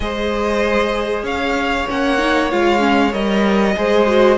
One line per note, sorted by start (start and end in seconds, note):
0.00 1.23 G#3
0.00 1.88 G#4
0.00 1.24 C5
0.00 1.25 D#5
1.23 1.85 C#4
1.23 3.74 C#5
1.23 1.88 F5
1.88 2.52 A#3
1.88 2.18 C#4
1.88 2.51 F#5
2.18 2.49 D#4
2.51 3.13 G#3
2.51 2.79 F4
2.51 3.13 F5
2.79 3.10 C#4
3.12 3.76 G3
3.12 3.75 A#4
3.12 4.37 D#5
3.76 4.37 G#3
3.76 4.06 G#4
3.76 4.37 C5
4.06 4.37 F#4